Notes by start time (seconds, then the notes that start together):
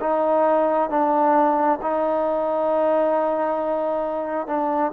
0.00 D#4
0.90 D4
1.82 D#4
4.47 D4